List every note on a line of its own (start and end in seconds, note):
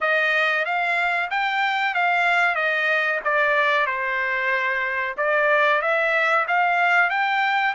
0.01 0.65 D#5
0.65 1.29 F5
1.30 1.94 G5
1.94 2.55 F5
2.55 3.19 D#5
3.24 3.86 D5
3.86 5.15 C5
5.17 5.81 D5
5.81 6.45 E5
6.47 7.10 F5
7.10 7.74 G5